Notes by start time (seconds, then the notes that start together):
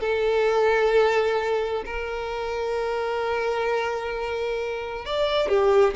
0.00 A4
1.85 A#4
5.05 D5
5.48 G4